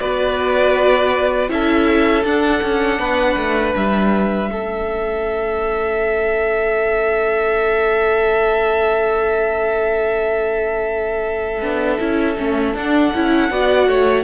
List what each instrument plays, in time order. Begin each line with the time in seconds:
0.00 cello B3, viola F#4, violin B4 D5
1.49 cello C#4, viola E4, violin A4 E5
2.24 cello D4, viola D4, violin F#5
2.63 cello C#4
2.99 cello B3, violin B4
3.37 cello A3
3.75 cello G3, violin E5
4.51 cello A3, viola C#4, violin A4
11.62 cello B3, viola D4
11.99 cello C#4, viola E4
12.37 cello A3, viola C#4
12.74 cello D4, viola D4, violin F#5
13.14 cello C#4, viola E4
13.50 cello B3, viola F#4, violin D5
13.88 cello A3, violin C#5